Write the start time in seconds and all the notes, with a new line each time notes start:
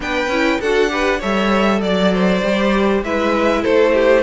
0.00 B3 D4 B4 G5
0.28 C#4 E4
0.60 D4 F#4 A4 F#5
0.89 G4 B4
1.19 G3 A4 C#5 E5
1.81 F#3 D5
2.13 C5
2.43 G3 G4
3.02 G#3 E4 B4 E5
3.62 A3 A4 C5
3.93 G4